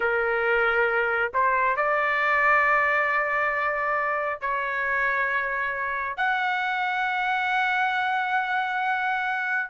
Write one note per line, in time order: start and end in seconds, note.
0.00 1.32 A#4
1.33 1.76 C5
1.76 4.40 D5
4.40 6.16 C#5
6.16 9.69 F#5